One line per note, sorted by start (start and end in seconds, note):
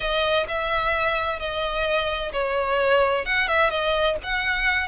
0.00 0.46 D#5
0.48 1.39 E5
1.39 2.32 D#5
2.32 3.25 C#5
3.25 3.47 F#5
3.47 3.70 E5
3.70 4.16 D#5
4.23 4.88 F#5